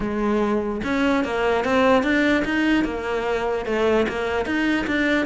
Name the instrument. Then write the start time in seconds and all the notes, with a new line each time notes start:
cello
0.00 G#3
0.83 C#4
1.24 A#3
1.64 C4
2.03 D4
2.44 D#4
2.84 A#3
3.65 A3
4.08 A#3
4.45 D#4
4.86 D4